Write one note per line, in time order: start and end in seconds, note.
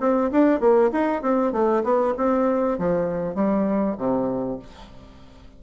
0.00 0.31 C4
0.32 0.60 D4
0.60 0.91 A#3
0.92 1.22 D#4
1.22 1.53 C4
1.53 1.83 A3
1.84 2.14 B3
2.18 2.79 C4
2.79 3.35 F3
3.35 3.96 G3
3.98 4.59 C3